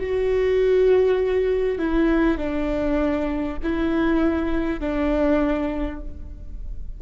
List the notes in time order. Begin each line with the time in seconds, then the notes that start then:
0.00 F#4
1.78 E4
2.38 D4
3.63 E4
4.80 D4